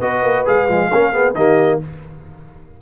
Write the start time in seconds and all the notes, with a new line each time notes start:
0.00 B3 F#4 B4 D#5
0.23 A#3
0.45 G#3 G#4 F5
0.68 F3 G#3
0.92 A#3 C#4 A#4
1.12 B3 G#4
1.35 D#3 A#3 G4 D#5